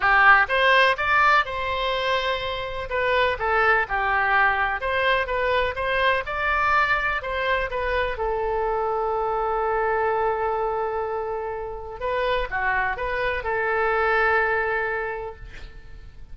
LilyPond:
\new Staff \with { instrumentName = "oboe" } { \time 4/4 \tempo 4 = 125 g'4 c''4 d''4 c''4~ | c''2 b'4 a'4 | g'2 c''4 b'4 | c''4 d''2 c''4 |
b'4 a'2.~ | a'1~ | a'4 b'4 fis'4 b'4 | a'1 | }